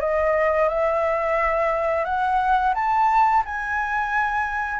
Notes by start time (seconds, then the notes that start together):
0.00 D#5
0.69 E5
2.05 F#5
2.75 A5
3.45 G#5